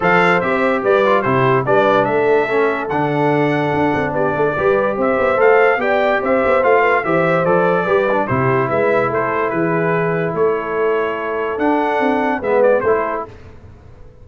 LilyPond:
<<
  \new Staff \with { instrumentName = "trumpet" } { \time 4/4 \tempo 4 = 145 f''4 e''4 d''4 c''4 | d''4 e''2 fis''4~ | fis''2 d''2 | e''4 f''4 g''4 e''4 |
f''4 e''4 d''2 | c''4 e''4 c''4 b'4~ | b'4 cis''2. | fis''2 e''8 d''8 c''4 | }
  \new Staff \with { instrumentName = "horn" } { \time 4/4 c''2 b'4 g'4 | b'4 a'2.~ | a'2 g'8 a'8 b'4 | c''2 d''4 c''4~ |
c''8 b'8 c''2 b'4 | g'4 b'4 a'4 gis'4~ | gis'4 a'2.~ | a'2 b'4 a'4 | }
  \new Staff \with { instrumentName = "trombone" } { \time 4/4 a'4 g'4. f'8 e'4 | d'2 cis'4 d'4~ | d'2. g'4~ | g'4 a'4 g'2 |
f'4 g'4 a'4 g'8 d'8 | e'1~ | e'1 | d'2 b4 e'4 | }
  \new Staff \with { instrumentName = "tuba" } { \time 4/4 f4 c'4 g4 c4 | g4 a2 d4~ | d4 d'8 c'8 b8 a8 g4 | c'8 b8 a4 b4 c'8 b8 |
a4 e4 f4 g4 | c4 gis4 a4 e4~ | e4 a2. | d'4 c'4 gis4 a4 | }
>>